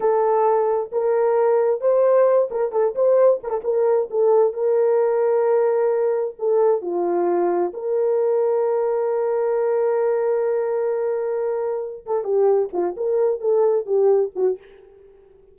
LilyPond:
\new Staff \with { instrumentName = "horn" } { \time 4/4 \tempo 4 = 132 a'2 ais'2 | c''4. ais'8 a'8 c''4 ais'16 a'16 | ais'4 a'4 ais'2~ | ais'2 a'4 f'4~ |
f'4 ais'2.~ | ais'1~ | ais'2~ ais'8 a'8 g'4 | f'8 ais'4 a'4 g'4 fis'8 | }